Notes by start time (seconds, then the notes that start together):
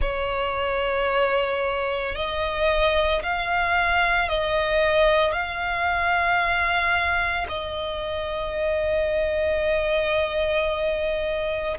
0.01 C#5
2.15 D#5
3.22 F5
4.29 D#5
5.32 F5
7.49 D#5